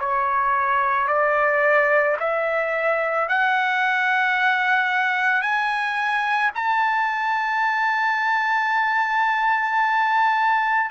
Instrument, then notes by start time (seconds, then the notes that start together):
trumpet
0.00 C#5
1.08 D5
2.20 E5
3.29 F#5
5.42 G#5
6.55 A5